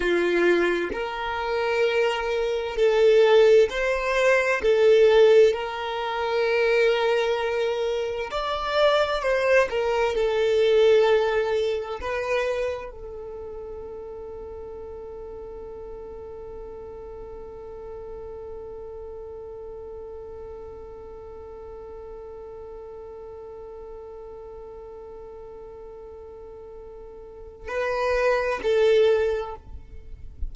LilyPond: \new Staff \with { instrumentName = "violin" } { \time 4/4 \tempo 4 = 65 f'4 ais'2 a'4 | c''4 a'4 ais'2~ | ais'4 d''4 c''8 ais'8 a'4~ | a'4 b'4 a'2~ |
a'1~ | a'1~ | a'1~ | a'2 b'4 a'4 | }